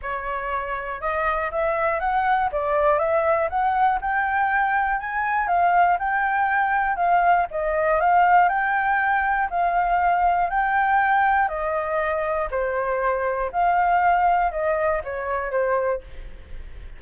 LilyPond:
\new Staff \with { instrumentName = "flute" } { \time 4/4 \tempo 4 = 120 cis''2 dis''4 e''4 | fis''4 d''4 e''4 fis''4 | g''2 gis''4 f''4 | g''2 f''4 dis''4 |
f''4 g''2 f''4~ | f''4 g''2 dis''4~ | dis''4 c''2 f''4~ | f''4 dis''4 cis''4 c''4 | }